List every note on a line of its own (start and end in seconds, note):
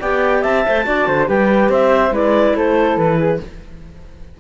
0.00 0.44 B3
0.00 0.66 G4
0.00 0.42 D5
0.00 0.42 G5
0.42 0.66 C4
0.42 0.84 E5
0.42 1.27 A5
0.66 0.86 A3
0.66 0.84 C5
0.84 1.07 D4
0.84 1.26 F#4
0.84 1.07 D5
1.07 1.28 D3
1.07 1.28 C5
1.26 1.69 G3
1.26 2.11 G4
1.26 1.70 B4
1.26 1.70 G5
1.69 2.11 C4
1.69 2.13 C5
1.69 2.14 E5
2.11 2.53 G#3
2.11 3.38 E4
2.11 2.55 B4
2.11 2.56 D5
2.55 2.97 A3
2.55 3.18 A4
2.55 2.98 C5
2.97 3.39 E3
2.97 3.40 B4
3.18 3.39 G#4